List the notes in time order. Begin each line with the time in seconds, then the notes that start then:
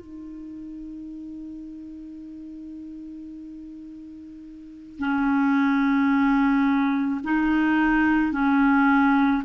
0.00 D#4
4.99 C#4
7.24 D#4
8.32 C#4